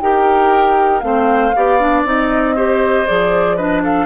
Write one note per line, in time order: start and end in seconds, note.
0.00 1.03 D#4
0.00 1.02 G4
0.00 1.05 A#4
0.00 1.00 G5
1.00 1.53 A3
1.00 1.53 C4
1.00 1.56 C5
1.00 2.02 F5
1.56 2.04 B3
1.56 1.80 G4
1.56 2.55 D5
1.80 2.05 D4
2.04 3.06 C4
2.04 2.56 D#4
2.04 3.07 D#5
2.55 3.07 G4
2.55 3.57 C5
3.07 4.06 F3
3.07 3.58 G#4
3.07 3.57 D5
3.57 4.06 D4
3.57 3.82 B4
3.57 3.82 D#5
3.83 4.06 A4
3.83 4.06 F5